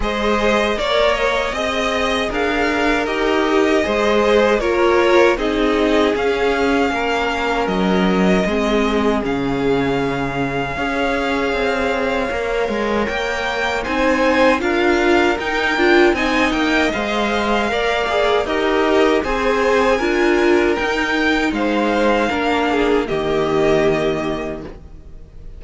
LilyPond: <<
  \new Staff \with { instrumentName = "violin" } { \time 4/4 \tempo 4 = 78 dis''4 d''8 dis''4. f''4 | dis''2 cis''4 dis''4 | f''2 dis''2 | f''1~ |
f''4 g''4 gis''4 f''4 | g''4 gis''8 g''8 f''2 | dis''4 gis''2 g''4 | f''2 dis''2 | }
  \new Staff \with { instrumentName = "violin" } { \time 4/4 c''4 cis''4 dis''4 ais'4~ | ais'4 c''4 ais'4 gis'4~ | gis'4 ais'2 gis'4~ | gis'2 cis''2~ |
cis''2 c''4 ais'4~ | ais'4 dis''2 d''4 | ais'4 c''4 ais'2 | c''4 ais'8 gis'8 g'2 | }
  \new Staff \with { instrumentName = "viola" } { \time 4/4 gis'4 ais'4 gis'2 | g'4 gis'4 f'4 dis'4 | cis'2. c'4 | cis'2 gis'2 |
ais'2 dis'4 f'4 | dis'8 f'8 dis'4 c''4 ais'8 gis'8 | g'4 gis'4 f'4 dis'4~ | dis'4 d'4 ais2 | }
  \new Staff \with { instrumentName = "cello" } { \time 4/4 gis4 ais4 c'4 d'4 | dis'4 gis4 ais4 c'4 | cis'4 ais4 fis4 gis4 | cis2 cis'4 c'4 |
ais8 gis8 ais4 c'4 d'4 | dis'8 d'8 c'8 ais8 gis4 ais4 | dis'4 c'4 d'4 dis'4 | gis4 ais4 dis2 | }
>>